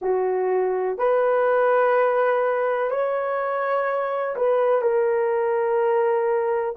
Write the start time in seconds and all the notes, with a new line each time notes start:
0.01 F#4
0.98 B4
2.90 C#5
4.35 B4
4.81 A#4